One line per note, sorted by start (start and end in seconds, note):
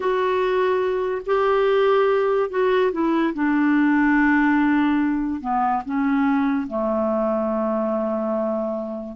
0.00 1.21 F#4
1.25 2.50 G4
2.50 2.91 F#4
2.92 3.33 E4
3.34 5.40 D4
5.40 5.82 B3
5.85 6.67 C#4
6.67 9.16 A3